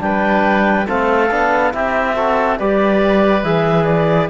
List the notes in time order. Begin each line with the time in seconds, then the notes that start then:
0.00 G3 D4 B4 G5
0.86 A3 C4 A4 F5
1.31 B3 D4
1.72 C4 E4 G4 E5
2.15 F#4 A4
2.59 G3 G4 B4 D5
3.44 E3 G#4 E5
3.85 D5